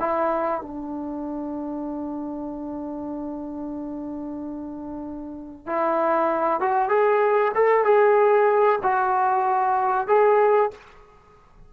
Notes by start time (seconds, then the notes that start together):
0.00 E4
0.61 D4
5.66 E4
6.61 F#4
6.89 G#4
7.55 A4
7.85 G#4
8.83 F#4
10.08 G#4